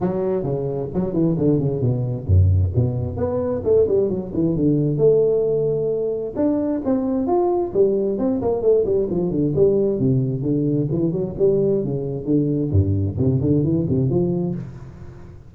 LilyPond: \new Staff \with { instrumentName = "tuba" } { \time 4/4 \tempo 4 = 132 fis4 cis4 fis8 e8 d8 cis8 | b,4 fis,4 b,4 b4 | a8 g8 fis8 e8 d4 a4~ | a2 d'4 c'4 |
f'4 g4 c'8 ais8 a8 g8 | f8 d8 g4 c4 d4 | e8 fis8 g4 cis4 d4 | g,4 c8 d8 e8 c8 f4 | }